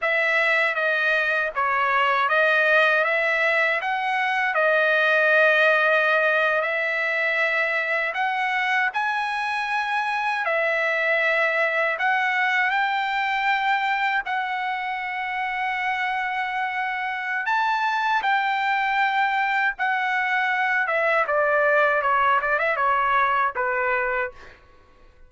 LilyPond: \new Staff \with { instrumentName = "trumpet" } { \time 4/4 \tempo 4 = 79 e''4 dis''4 cis''4 dis''4 | e''4 fis''4 dis''2~ | dis''8. e''2 fis''4 gis''16~ | gis''4.~ gis''16 e''2 fis''16~ |
fis''8. g''2 fis''4~ fis''16~ | fis''2. a''4 | g''2 fis''4. e''8 | d''4 cis''8 d''16 e''16 cis''4 b'4 | }